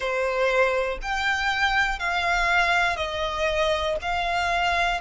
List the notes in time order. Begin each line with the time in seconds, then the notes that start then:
0.00 C5
1.02 G5
1.99 F5
2.96 D#5
4.01 F5